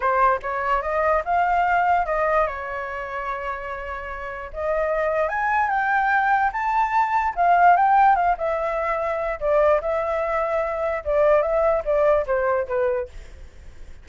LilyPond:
\new Staff \with { instrumentName = "flute" } { \time 4/4 \tempo 4 = 147 c''4 cis''4 dis''4 f''4~ | f''4 dis''4 cis''2~ | cis''2. dis''4~ | dis''4 gis''4 g''2 |
a''2 f''4 g''4 | f''8 e''2~ e''8 d''4 | e''2. d''4 | e''4 d''4 c''4 b'4 | }